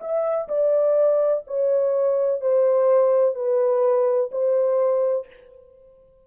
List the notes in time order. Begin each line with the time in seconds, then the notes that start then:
0.00 E5
0.48 D5
1.47 C#5
2.41 C5
3.35 B4
4.32 C5